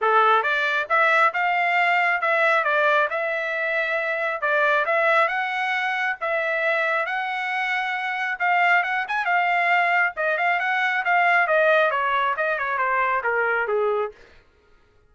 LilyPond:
\new Staff \with { instrumentName = "trumpet" } { \time 4/4 \tempo 4 = 136 a'4 d''4 e''4 f''4~ | f''4 e''4 d''4 e''4~ | e''2 d''4 e''4 | fis''2 e''2 |
fis''2. f''4 | fis''8 gis''8 f''2 dis''8 f''8 | fis''4 f''4 dis''4 cis''4 | dis''8 cis''8 c''4 ais'4 gis'4 | }